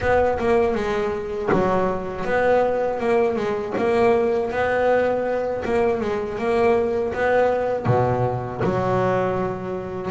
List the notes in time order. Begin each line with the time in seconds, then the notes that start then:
0.00 B3
0.39 A#3
0.74 G#3
1.52 F#3
2.25 B3
2.99 A#3
3.36 G#3
3.77 A#3
4.51 B3
5.65 A#3
6.00 G#3
6.38 A#3
7.13 B3
7.86 B2
8.64 F#3